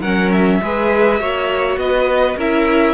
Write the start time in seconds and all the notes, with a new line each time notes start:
0.00 F#3 C#4 A#4 F#5
0.32 E5
0.62 G#3 G#4 B4
1.20 A#3 F#4 C#5
1.77 B3 B4 D#5
2.37 C#4 E4 A#4 E5